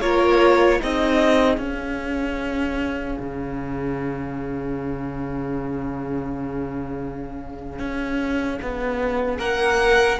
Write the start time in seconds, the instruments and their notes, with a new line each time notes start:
0.00 cello A#3, viola F4, violin A#4 C#5
0.79 cello C4, viola D#4, violin G#4 D#5
1.57 cello C#4, viola C#4, violin F5
3.19 cello C#3
7.79 cello C#4
8.61 cello B3
9.38 cello A#3, violin A#4 F#5